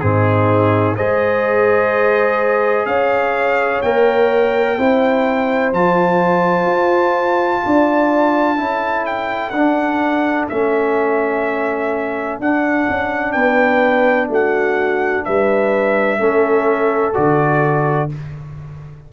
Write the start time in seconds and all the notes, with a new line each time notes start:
0.00 G#2 C4 D#4 G#4
0.96 G#3 G#4 C5 D#5
2.85 C#4 C#5 F5
3.82 A#3 A#4 G5
4.78 C4 E4 C5
5.72 F3 F4 A5
6.65 F4
7.65 D4 D5
8.57 C#4 E4 A4
9.05 G5
9.50 D4 F#5
10.49 A3 C#4 E5
12.39 D4 F#5
12.89 C#4
13.32 B3 B4 G5
14.28 A3 F#4 F#5
15.24 G3 B4 E5
16.19 A3 C#4 A4
17.13 D3 F#4 D5